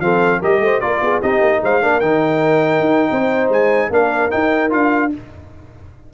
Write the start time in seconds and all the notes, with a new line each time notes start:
0.00 F3 C4 A4 F5
0.40 G3 G4 A#4 D#5
0.60 A3 C5
0.80 A#3 F4 A#4 D5
1.01 B3 G#4
1.21 C4 D#4 G4 D#5
1.41 A#3
1.62 G#3 C5 F5
1.81 A#3 D4 A#4
2.00 D#3 D#4 G5
2.80 D#4
3.10 C4 C5
3.49 G#3 G#5
3.90 A#3 D4 A#4 F5
4.30 D#4 G5
4.69 D4 F4 F5